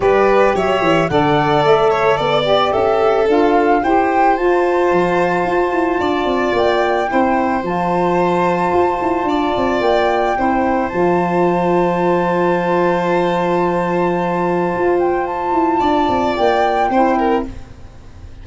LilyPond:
<<
  \new Staff \with { instrumentName = "flute" } { \time 4/4 \tempo 4 = 110 d''4 e''4 fis''4 e''4 | d''4 e''4 f''4 g''4 | a''1 | g''2 a''2~ |
a''2 g''2 | a''1~ | a''2.~ a''8 g''8 | a''2 g''2 | }
  \new Staff \with { instrumentName = "violin" } { \time 4/4 b'4 cis''4 d''4. cis''8 | d''4 a'2 c''4~ | c''2. d''4~ | d''4 c''2.~ |
c''4 d''2 c''4~ | c''1~ | c''1~ | c''4 d''2 c''8 ais'8 | }
  \new Staff \with { instrumentName = "saxophone" } { \time 4/4 g'2 a'2~ | a'8 g'4. f'4 g'4 | f'1~ | f'4 e'4 f'2~ |
f'2. e'4 | f'1~ | f'1~ | f'2. e'4 | }
  \new Staff \with { instrumentName = "tuba" } { \time 4/4 g4 fis8 e8 d4 a4 | b4 cis'4 d'4 e'4 | f'4 f4 f'8 e'8 d'8 c'8 | ais4 c'4 f2 |
f'8 e'8 d'8 c'8 ais4 c'4 | f1~ | f2. f'4~ | f'8 e'8 d'8 c'8 ais4 c'4 | }
>>